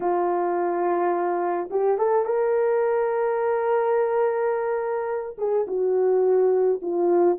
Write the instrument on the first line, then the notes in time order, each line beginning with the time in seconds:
horn
0.00 F4
1.70 G4
1.98 A4
2.25 A#4
5.38 G#4
5.67 F#4
6.82 F4